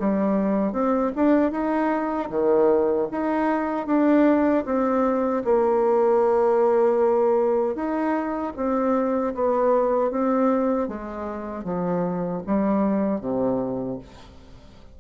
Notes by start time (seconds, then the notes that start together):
0.00 G3
0.73 C4
1.16 D4
1.52 D#4
2.30 D#3
3.11 D#4
3.87 D4
4.65 C4
5.45 A#3
7.75 D#4
8.56 C4
9.35 B3
10.11 C4
10.88 G#3
11.65 F3
12.47 G3
13.20 C3